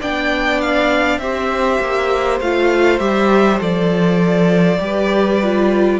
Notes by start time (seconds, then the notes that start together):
0.00 B3 D4 D5 G5
0.61 F5
1.19 C4 G4 C5 E5
1.80 A#3
2.41 A3 F4 F5
2.99 G3 G4 E5
3.59 F3 A4 D5
4.79 G3 G4 B4
5.43 F4